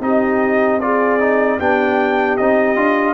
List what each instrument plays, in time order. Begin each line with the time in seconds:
0.00 tuba C4, trombone D#4, horn G4, trumpet D#5
0.80 trombone F4, horn G#4, trumpet D5
1.20 trombone D#4
1.57 tuba B3, trombone D4, horn G4, trumpet G5
2.37 tuba C4, trombone D#4, trumpet D#5
2.76 tuba D4, trombone F4